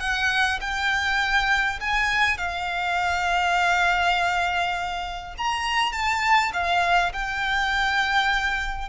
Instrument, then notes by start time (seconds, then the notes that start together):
violin
0.00 F#5
0.61 G5
1.80 G#5
2.38 F5
5.37 A#5
5.92 A5
6.53 F5
7.13 G5